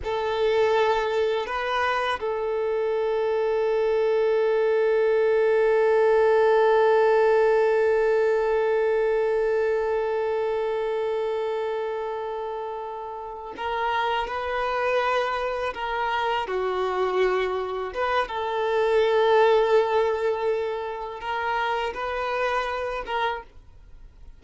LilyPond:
\new Staff \with { instrumentName = "violin" } { \time 4/4 \tempo 4 = 82 a'2 b'4 a'4~ | a'1~ | a'1~ | a'1~ |
a'2~ a'8 ais'4 b'8~ | b'4. ais'4 fis'4.~ | fis'8 b'8 a'2.~ | a'4 ais'4 b'4. ais'8 | }